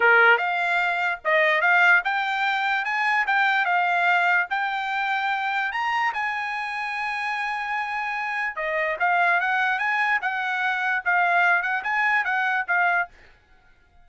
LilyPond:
\new Staff \with { instrumentName = "trumpet" } { \time 4/4 \tempo 4 = 147 ais'4 f''2 dis''4 | f''4 g''2 gis''4 | g''4 f''2 g''4~ | g''2 ais''4 gis''4~ |
gis''1~ | gis''4 dis''4 f''4 fis''4 | gis''4 fis''2 f''4~ | f''8 fis''8 gis''4 fis''4 f''4 | }